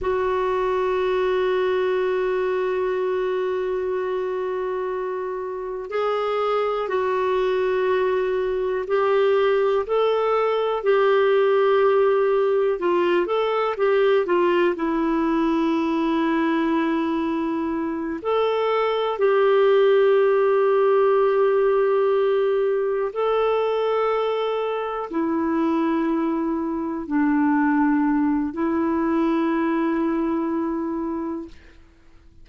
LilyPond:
\new Staff \with { instrumentName = "clarinet" } { \time 4/4 \tempo 4 = 61 fis'1~ | fis'2 gis'4 fis'4~ | fis'4 g'4 a'4 g'4~ | g'4 f'8 a'8 g'8 f'8 e'4~ |
e'2~ e'8 a'4 g'8~ | g'2.~ g'8 a'8~ | a'4. e'2 d'8~ | d'4 e'2. | }